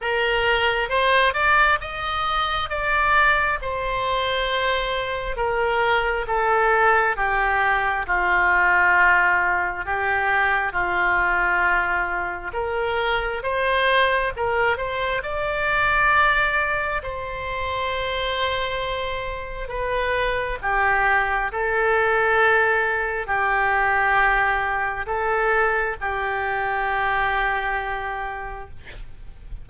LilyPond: \new Staff \with { instrumentName = "oboe" } { \time 4/4 \tempo 4 = 67 ais'4 c''8 d''8 dis''4 d''4 | c''2 ais'4 a'4 | g'4 f'2 g'4 | f'2 ais'4 c''4 |
ais'8 c''8 d''2 c''4~ | c''2 b'4 g'4 | a'2 g'2 | a'4 g'2. | }